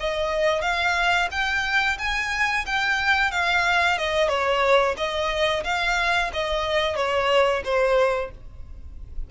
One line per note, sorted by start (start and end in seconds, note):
0.00 0.62 D#5
0.62 1.28 F5
1.31 1.98 G5
1.98 2.65 G#5
2.66 3.32 G5
3.32 3.98 F5
3.98 4.28 D#5
4.28 4.95 C#5
4.97 5.64 D#5
5.64 6.31 F5
6.33 6.96 D#5
6.96 7.63 C#5
7.64 8.31 C5